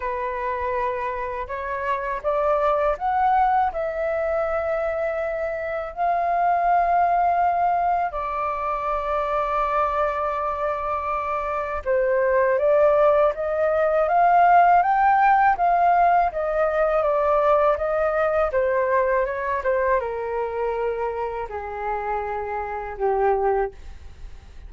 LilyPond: \new Staff \with { instrumentName = "flute" } { \time 4/4 \tempo 4 = 81 b'2 cis''4 d''4 | fis''4 e''2. | f''2. d''4~ | d''1 |
c''4 d''4 dis''4 f''4 | g''4 f''4 dis''4 d''4 | dis''4 c''4 cis''8 c''8 ais'4~ | ais'4 gis'2 g'4 | }